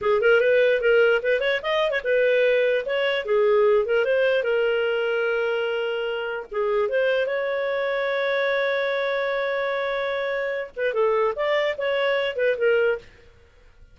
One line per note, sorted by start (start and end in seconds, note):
0.01 0.21 G#4
0.21 0.40 A#4
0.40 0.81 B4
0.81 1.21 A#4
1.22 1.40 B4
1.40 1.60 C#5
1.62 1.90 D#5
1.90 2.00 C#5
2.04 2.85 B4
2.85 3.25 C#5
3.25 3.85 G#4
3.85 4.04 A#4
4.04 4.43 C5
4.43 6.46 A#4
6.51 6.88 G#4
6.88 7.26 C5
7.26 10.70 C#5
10.76 10.93 B4
10.93 11.34 A4
11.35 11.76 D5
11.77 12.36 C#5
12.36 12.56 B4
12.57 12.98 A#4